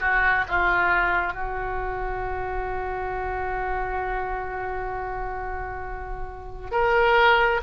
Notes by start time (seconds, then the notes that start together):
0.00 F#4
0.48 F4
1.34 F#4
6.71 A#4